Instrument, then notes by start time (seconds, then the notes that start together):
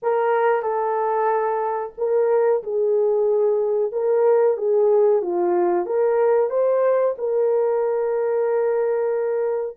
horn
0.02 A#4
0.62 A4
1.97 A#4
2.63 G#4
3.92 A#4
4.57 G#4
5.22 F4
5.85 A#4
6.50 C5
7.18 A#4